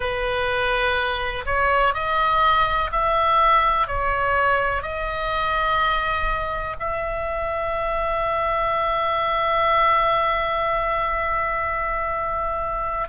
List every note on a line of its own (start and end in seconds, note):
0.00 1.45 B4
1.45 1.94 C#5
1.94 2.90 D#5
2.91 3.87 E5
3.87 4.82 C#5
4.82 6.76 D#5
6.79 13.08 E5